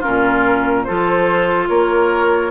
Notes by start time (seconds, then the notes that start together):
0.00 C#4 F4 A#4
0.07 A#2
0.84 F3 F4 A4 C5
1.68 A#3 A#4 C#5